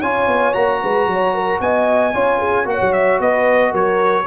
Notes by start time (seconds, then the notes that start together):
0.00 C#4 F4 C#5 G#5
0.27 B3
0.54 A#3 F#4 A#5
0.83 G#3 B4
1.07 F#3
1.13 C#5
1.34 A#4
1.61 B3 D#5 G#5
2.14 C#4 F4 C#5
2.39 G#4
2.65 A#3 F#4 C#5 F#5
2.82 F#3
2.93 E5
3.20 B3 B4 D#5
3.71 F#3 A#4 C#5